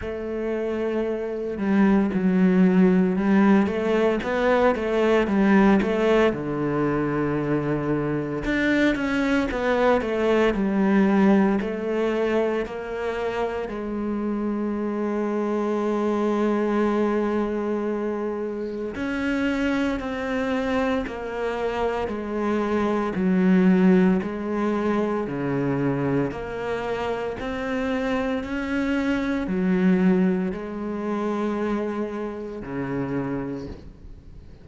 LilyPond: \new Staff \with { instrumentName = "cello" } { \time 4/4 \tempo 4 = 57 a4. g8 fis4 g8 a8 | b8 a8 g8 a8 d2 | d'8 cis'8 b8 a8 g4 a4 | ais4 gis2.~ |
gis2 cis'4 c'4 | ais4 gis4 fis4 gis4 | cis4 ais4 c'4 cis'4 | fis4 gis2 cis4 | }